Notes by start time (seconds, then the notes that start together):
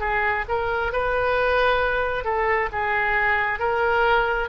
0.00 G#4
0.49 A#4
0.93 B4
2.24 A4
2.72 G#4
3.59 A#4